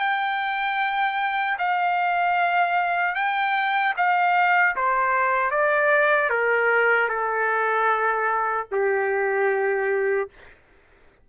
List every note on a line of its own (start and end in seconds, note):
0.00 1.58 G5
1.59 3.15 F5
3.15 3.94 G5
3.97 4.76 F5
4.76 5.51 C5
5.51 6.30 D5
6.30 7.09 A#4
7.09 8.67 A4
8.72 10.30 G4